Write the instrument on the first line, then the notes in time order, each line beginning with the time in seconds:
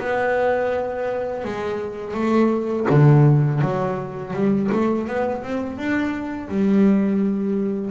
double bass
0.00 B3
1.45 G#3
2.14 A3
2.90 D3
3.61 F#3
4.34 G3
4.72 A3
5.08 B3
5.43 C4
5.78 D4
6.49 G3